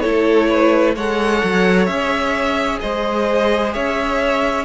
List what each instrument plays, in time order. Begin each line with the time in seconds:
0.00 cello A3, viola E4, violin A4 C#5
0.49 violin B4
0.95 cello G#3, viola A4, violin C#5 F#5
1.43 cello F#3
1.86 cello C#4, viola G#4, violin E5
2.80 cello G#3, violin C5 D#5
3.73 cello C#4, violin C#5 E5